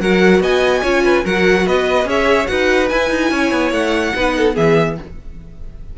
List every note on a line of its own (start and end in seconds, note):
0.00 0.40 F#3
0.00 0.83 F#4
0.00 0.42 A#4
0.00 0.42 F#5
0.40 0.81 B3
0.40 0.82 D#5
0.40 1.26 G#5
0.82 1.24 C#4
0.82 1.25 F4
0.82 1.03 C#5
1.03 1.24 B4
1.24 1.66 F#3
1.24 2.04 F#4
1.24 1.65 A#4
1.24 1.67 F#5
1.66 2.05 B3
1.66 2.08 B4
1.66 2.08 D#5
2.04 2.46 C#4
2.04 2.46 G#4
2.04 2.49 C#5
2.04 2.47 E5
2.47 2.91 D#4
2.47 2.88 F#4
2.47 3.32 B4
2.47 2.88 F#5
2.89 3.10 E4
2.89 4.15 E4
2.89 3.71 G#5
3.10 3.30 D#4
3.30 3.51 C#4
3.30 4.14 C#5
3.51 3.71 B3
3.71 4.13 A3
3.71 4.56 F#5
4.15 4.56 B3
4.15 4.54 D#4
4.15 4.36 B4
4.36 4.55 A4
4.54 4.98 E3
4.54 4.95 B3
4.54 4.96 G#4
4.54 4.98 E5